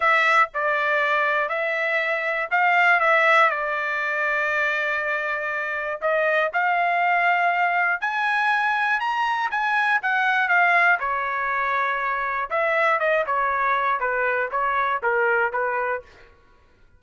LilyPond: \new Staff \with { instrumentName = "trumpet" } { \time 4/4 \tempo 4 = 120 e''4 d''2 e''4~ | e''4 f''4 e''4 d''4~ | d''1 | dis''4 f''2. |
gis''2 ais''4 gis''4 | fis''4 f''4 cis''2~ | cis''4 e''4 dis''8 cis''4. | b'4 cis''4 ais'4 b'4 | }